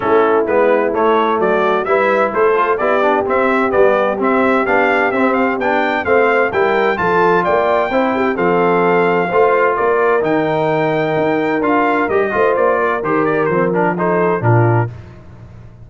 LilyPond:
<<
  \new Staff \with { instrumentName = "trumpet" } { \time 4/4 \tempo 4 = 129 a'4 b'4 cis''4 d''4 | e''4 c''4 d''4 e''4 | d''4 e''4 f''4 e''8 f''8 | g''4 f''4 g''4 a''4 |
g''2 f''2~ | f''4 d''4 g''2~ | g''4 f''4 dis''4 d''4 | c''8 d''8 c''8 ais'8 c''4 ais'4 | }
  \new Staff \with { instrumentName = "horn" } { \time 4/4 e'2. fis'4 | b'4 a'4 g'2~ | g'1~ | g'4 c''4 ais'4 a'4 |
d''4 c''8 g'8 a'2 | c''4 ais'2.~ | ais'2~ ais'8 c''4 ais'8~ | ais'2 a'4 f'4 | }
  \new Staff \with { instrumentName = "trombone" } { \time 4/4 cis'4 b4 a2 | e'4. f'8 e'8 d'8 c'4 | b4 c'4 d'4 c'4 | d'4 c'4 e'4 f'4~ |
f'4 e'4 c'2 | f'2 dis'2~ | dis'4 f'4 g'8 f'4. | g'4 c'8 d'8 dis'4 d'4 | }
  \new Staff \with { instrumentName = "tuba" } { \time 4/4 a4 gis4 a4 fis4 | g4 a4 b4 c'4 | g4 c'4 b4 c'4 | b4 a4 g4 f4 |
ais4 c'4 f2 | a4 ais4 dis2 | dis'4 d'4 g8 a8 ais4 | dis4 f2 ais,4 | }
>>